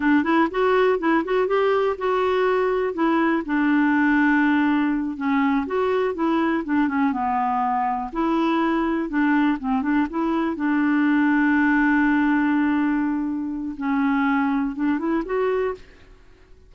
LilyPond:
\new Staff \with { instrumentName = "clarinet" } { \time 4/4 \tempo 4 = 122 d'8 e'8 fis'4 e'8 fis'8 g'4 | fis'2 e'4 d'4~ | d'2~ d'8 cis'4 fis'8~ | fis'8 e'4 d'8 cis'8 b4.~ |
b8 e'2 d'4 c'8 | d'8 e'4 d'2~ d'8~ | d'1 | cis'2 d'8 e'8 fis'4 | }